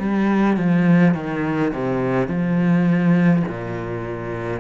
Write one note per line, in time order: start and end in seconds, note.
0.00 0.57 G3
0.57 1.15 F3
1.15 1.73 D#3
1.74 2.28 C3
2.28 3.43 F3
3.48 4.60 A#2